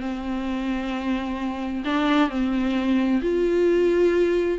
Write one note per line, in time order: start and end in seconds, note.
0.00 1.83 C4
1.85 2.30 D4
2.30 3.21 C4
3.22 4.58 F4